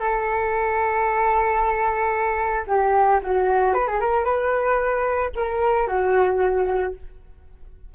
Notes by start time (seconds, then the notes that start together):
0.00 A4
2.67 G4
3.23 F#4
3.74 B4
3.87 G#4
4.00 A#4
4.25 B4
5.35 A#4
5.88 F#4